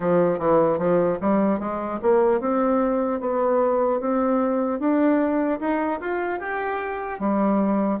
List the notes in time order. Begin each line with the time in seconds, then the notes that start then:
0.00 F3
0.39 E3
0.78 F3
1.20 G3
1.59 G#3
2.01 A#3
2.40 C4
3.20 B3
4.00 C4
4.79 D4
5.60 D#4
6.00 F4
6.39 G4
7.19 G3